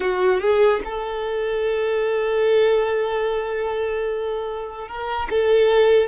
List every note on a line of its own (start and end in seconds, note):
0.00 0.40 F#4
0.40 0.80 G#4
0.84 4.88 A4
4.88 5.28 A#4
5.30 6.08 A4